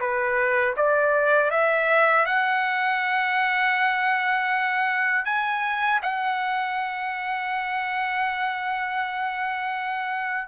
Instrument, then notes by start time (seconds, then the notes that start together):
trumpet
0.00 B4
0.77 D5
1.51 E5
2.26 F#5
5.25 G#5
6.02 F#5